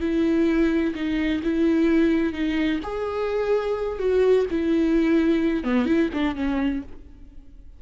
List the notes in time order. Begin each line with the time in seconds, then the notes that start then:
0.00 E4
0.95 D#4
1.43 E4
2.33 D#4
2.83 G#4
3.98 F#4
4.50 E4
5.64 B3
5.86 E4
6.13 D4
6.35 C#4